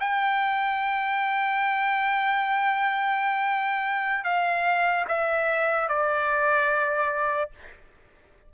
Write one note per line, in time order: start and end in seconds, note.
0.00 4.24 G5
4.24 5.05 F5
5.08 5.89 E5
5.89 7.51 D5